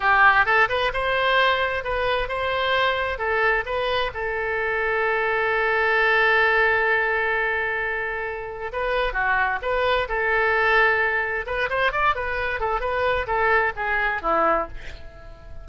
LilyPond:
\new Staff \with { instrumentName = "oboe" } { \time 4/4 \tempo 4 = 131 g'4 a'8 b'8 c''2 | b'4 c''2 a'4 | b'4 a'2.~ | a'1~ |
a'2. b'4 | fis'4 b'4 a'2~ | a'4 b'8 c''8 d''8 b'4 a'8 | b'4 a'4 gis'4 e'4 | }